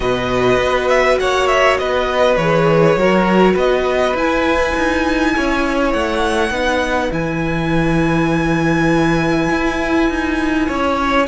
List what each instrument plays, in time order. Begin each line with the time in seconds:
0.00 cello B2, viola F#4, violin B4 D#5
0.57 cello B3
0.87 violin E5
1.19 cello A#3, violin C#5 F#5
1.47 violin E5
1.78 cello B3, violin B4 D#5
2.36 cello E3, viola G#4, violin C#5
2.96 cello F#3, viola F#4, violin A#4
3.53 cello B3, violin B4 D#5
4.13 cello E4, viola E4, violin G#5
4.76 cello D#4
5.36 cello C#4, violin C#5
5.92 cello A3, violin F#5
6.50 cello B3, viola D#4, violin B4
7.11 cello E3, viola E4, violin G#5
9.50 cello E4
10.09 cello D#4
10.67 cello C#4, violin C#5